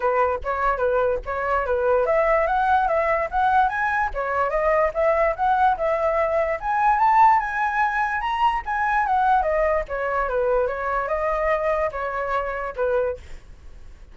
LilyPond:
\new Staff \with { instrumentName = "flute" } { \time 4/4 \tempo 4 = 146 b'4 cis''4 b'4 cis''4 | b'4 e''4 fis''4 e''4 | fis''4 gis''4 cis''4 dis''4 | e''4 fis''4 e''2 |
gis''4 a''4 gis''2 | ais''4 gis''4 fis''4 dis''4 | cis''4 b'4 cis''4 dis''4~ | dis''4 cis''2 b'4 | }